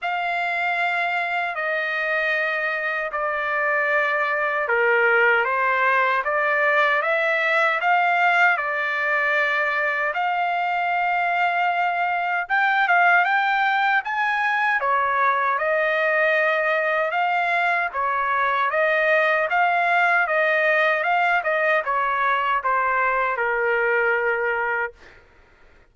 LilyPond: \new Staff \with { instrumentName = "trumpet" } { \time 4/4 \tempo 4 = 77 f''2 dis''2 | d''2 ais'4 c''4 | d''4 e''4 f''4 d''4~ | d''4 f''2. |
g''8 f''8 g''4 gis''4 cis''4 | dis''2 f''4 cis''4 | dis''4 f''4 dis''4 f''8 dis''8 | cis''4 c''4 ais'2 | }